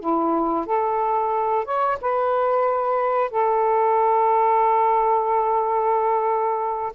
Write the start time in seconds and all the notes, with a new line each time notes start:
0.00 E4
0.66 A4
1.65 C#5
2.01 B4
3.30 A4